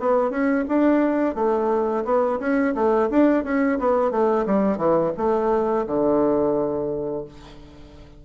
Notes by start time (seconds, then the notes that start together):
0.00 B3
0.30 C#4
0.68 D4
1.35 A3
2.05 B3
2.40 C#4
2.75 A3
3.10 D4
3.44 C#4
3.79 B3
4.11 A3
4.46 G3
4.78 E3
5.17 A3
5.87 D3